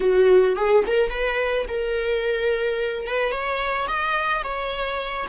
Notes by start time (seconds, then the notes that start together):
0.00 F#4
0.56 G#4
0.86 A#4
1.10 B4
1.68 A#4
3.07 B4
3.31 C#5
3.87 D#5
4.43 C#5